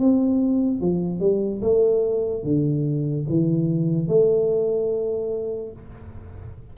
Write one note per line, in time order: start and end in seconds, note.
0.00 0.81 C4
0.81 1.20 F3
1.20 1.61 G3
1.61 2.44 A3
2.44 3.26 D3
3.30 4.08 E3
4.08 5.73 A3